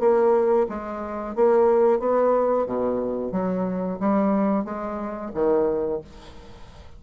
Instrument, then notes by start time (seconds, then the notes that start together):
bassoon
0.00 A#3
0.69 G#3
1.36 A#3
1.99 B3
2.66 B2
3.32 F#3
4.00 G3
4.65 G#3
5.34 D#3